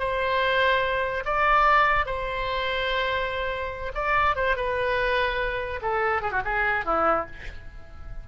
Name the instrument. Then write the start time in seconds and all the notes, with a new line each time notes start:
oboe
0.00 C5
1.26 D5
2.07 C5
3.95 D5
4.36 C5
4.57 B4
5.82 A4
6.22 G#4
6.32 F#4
6.45 G#4
6.85 E4